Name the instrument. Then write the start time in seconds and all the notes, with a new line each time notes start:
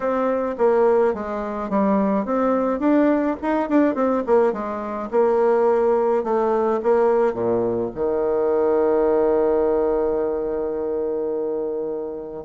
bassoon
0.00 C4
0.58 A#3
1.13 G#3
1.69 G3
2.25 C4
2.79 D4
3.42 D#4
3.69 D4
3.94 C4
4.26 A#3
4.53 G#3
5.10 A#3
6.23 A3
6.82 A#3
7.33 A#2
7.94 D#3